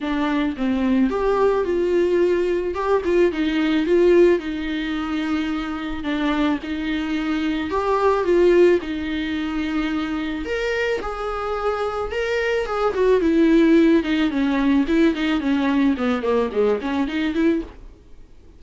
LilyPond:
\new Staff \with { instrumentName = "viola" } { \time 4/4 \tempo 4 = 109 d'4 c'4 g'4 f'4~ | f'4 g'8 f'8 dis'4 f'4 | dis'2. d'4 | dis'2 g'4 f'4 |
dis'2. ais'4 | gis'2 ais'4 gis'8 fis'8 | e'4. dis'8 cis'4 e'8 dis'8 | cis'4 b8 ais8 gis8 cis'8 dis'8 e'8 | }